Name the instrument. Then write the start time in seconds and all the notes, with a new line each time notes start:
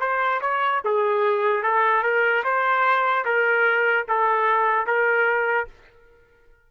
trumpet
0.00 C5
0.41 C#5
0.84 G#4
1.63 A4
2.03 A#4
2.44 C5
3.25 A#4
4.08 A4
4.86 A#4